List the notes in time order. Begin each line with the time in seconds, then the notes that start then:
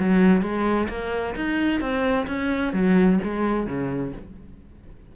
0.00 F#3
0.42 G#3
0.89 A#3
1.36 D#4
1.81 C4
2.28 C#4
2.74 F#3
3.24 G#3
3.67 C#3